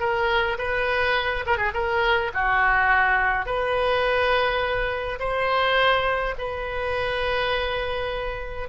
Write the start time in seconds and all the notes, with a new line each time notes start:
0.00 A#4
0.58 B4
1.47 A#4
1.58 G#4
1.74 A#4
2.34 F#4
3.46 B4
5.19 C5
6.39 B4